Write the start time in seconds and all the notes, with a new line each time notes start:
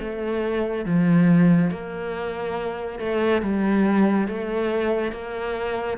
0.00 A3
0.85 F3
1.71 A#3
3.00 A3
3.42 G3
4.28 A3
5.12 A#3